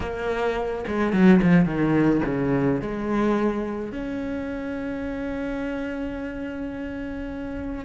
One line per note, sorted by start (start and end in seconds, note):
0.00 0.84 A#3
0.87 1.12 G#3
1.12 1.40 F#3
1.41 1.65 F3
1.65 2.21 D#3
2.25 2.81 C#3
2.81 3.92 G#3
3.92 7.84 C#4